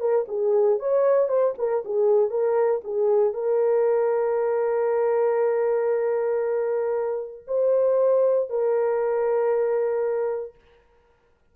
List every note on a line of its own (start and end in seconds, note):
0.00 0.26 A#4
0.28 0.79 G#4
0.79 1.28 C#5
1.28 1.54 C5
1.58 1.84 A#4
1.85 2.30 G#4
2.30 2.81 A#4
2.84 3.34 G#4
3.34 7.44 A#4
7.47 8.50 C5
8.50 10.55 A#4